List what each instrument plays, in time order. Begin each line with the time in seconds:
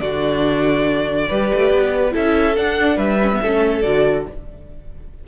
0.00 cello D3, viola D4, violin F#4 D5
1.29 cello G3, viola G4, violin B4
1.55 cello A3
1.72 cello B3
2.12 cello C#4, viola E4, violin A4 E5
2.56 viola D4, cello D4, violin F#5
2.96 cello G3, violin B4 E5
3.22 viola C#4
3.33 viola B3
3.43 cello A3, viola C#4, violin A4
3.82 cello D3, viola F#4, violin D5